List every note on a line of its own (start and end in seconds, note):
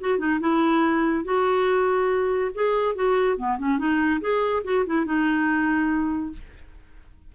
0.00 0.18 F#4
0.18 0.39 D#4
0.40 1.24 E4
1.24 2.51 F#4
2.54 2.95 G#4
2.95 3.37 F#4
3.37 3.58 B3
3.58 3.78 C#4
3.78 4.20 D#4
4.20 4.63 G#4
4.64 4.85 F#4
4.86 5.05 E4
5.05 6.32 D#4